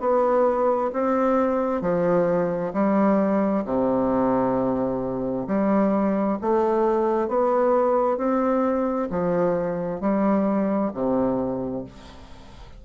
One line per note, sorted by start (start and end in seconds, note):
0.00 0.91 B3
0.93 1.81 C4
1.81 2.72 F3
2.73 3.64 G3
3.65 5.47 C3
5.47 6.38 G3
6.41 7.28 A3
7.28 8.17 B3
8.17 9.08 C4
9.10 10.00 F3
10.00 10.91 G3
10.93 11.84 C3